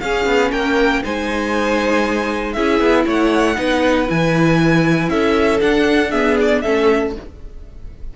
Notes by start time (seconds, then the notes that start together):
0.00 C#4 G#4 F5
0.26 B3
0.52 A#3 A#4 G5
1.03 G#3 D#4 C5 G#5
2.53 C#4 E4 G#4 E5
2.80 B3
3.06 A3 C#5 F#5
3.55 B3 D#4 B4
4.07 E3 E4 G#5
5.09 C#4 A4 E5
5.60 D4 F#5
6.11 B3 G#4 E5
6.41 D5
6.61 A3 C#4 A4 E5